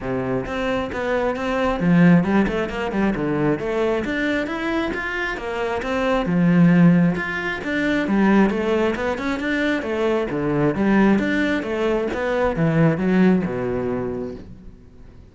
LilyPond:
\new Staff \with { instrumentName = "cello" } { \time 4/4 \tempo 4 = 134 c4 c'4 b4 c'4 | f4 g8 a8 ais8 g8 d4 | a4 d'4 e'4 f'4 | ais4 c'4 f2 |
f'4 d'4 g4 a4 | b8 cis'8 d'4 a4 d4 | g4 d'4 a4 b4 | e4 fis4 b,2 | }